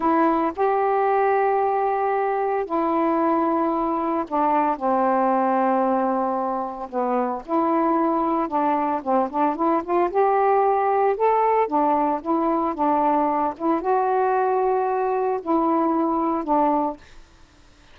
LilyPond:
\new Staff \with { instrumentName = "saxophone" } { \time 4/4 \tempo 4 = 113 e'4 g'2.~ | g'4 e'2. | d'4 c'2.~ | c'4 b4 e'2 |
d'4 c'8 d'8 e'8 f'8 g'4~ | g'4 a'4 d'4 e'4 | d'4. e'8 fis'2~ | fis'4 e'2 d'4 | }